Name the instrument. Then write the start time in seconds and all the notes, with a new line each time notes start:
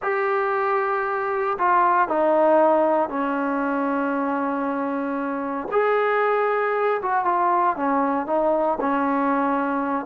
trombone
0.02 G4
1.58 F4
2.08 D#4
3.09 C#4
5.71 G#4
7.02 F#4
7.24 F4
7.76 C#4
8.26 D#4
8.80 C#4